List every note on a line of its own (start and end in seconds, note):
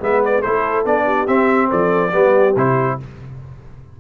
0.00 0.44 G#3
0.00 0.43 B3
0.00 0.40 B4
0.00 0.25 E5
0.25 0.42 D5
0.40 0.85 A3
0.40 0.86 E4
0.40 1.04 A4
0.40 0.85 C5
0.85 1.28 B3
0.85 1.27 D4
0.85 1.28 D5
1.06 1.70 G4
1.27 2.12 C4
1.27 1.71 C4
1.27 1.70 E5
1.70 2.15 F3
1.70 2.11 A4
1.70 2.57 D5
2.11 2.56 G3
2.11 2.56 B3
2.11 2.97 G4
2.56 2.98 C3
2.56 3.00 E4
2.56 3.00 C5